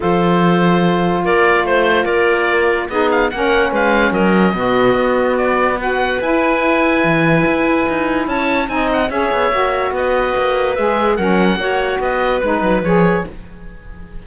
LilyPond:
<<
  \new Staff \with { instrumentName = "oboe" } { \time 4/4 \tempo 4 = 145 c''2. d''4 | c''4 d''2 dis''8 f''8 | fis''4 f''4 dis''2~ | dis''4 d''4 fis''4 gis''4~ |
gis''1 | a''4 gis''8 fis''8 e''2 | dis''2 e''4 fis''4~ | fis''4 dis''4 b'4 cis''4 | }
  \new Staff \with { instrumentName = "clarinet" } { \time 4/4 a'2. ais'4 | c''4 ais'2 gis'4 | ais'4 b'4 ais'4 fis'4~ | fis'2 b'2~ |
b'1 | cis''4 dis''4 cis''2 | b'2. ais'4 | cis''4 b'2. | }
  \new Staff \with { instrumentName = "saxophone" } { \time 4/4 f'1~ | f'2. dis'4 | cis'2. b4~ | b2 fis'4 e'4~ |
e'1~ | e'4 dis'4 gis'4 fis'4~ | fis'2 gis'4 cis'4 | fis'2 dis'4 gis'4 | }
  \new Staff \with { instrumentName = "cello" } { \time 4/4 f2. ais4 | a4 ais2 b4 | ais4 gis4 fis4 b,4 | b2. e'4~ |
e'4 e4 e'4 dis'4 | cis'4 c'4 cis'8 b8 ais4 | b4 ais4 gis4 fis4 | ais4 b4 gis8 fis8 f4 | }
>>